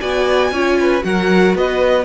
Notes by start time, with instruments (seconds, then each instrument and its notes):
0.00 cello B3, viola F#4, violin D5 G#5
0.51 cello C#4, viola F4, violin C#5
0.80 violin B4
1.01 cello F#3, viola F#4, violin A#4 F#5
1.55 cello B3, violin B4 D#5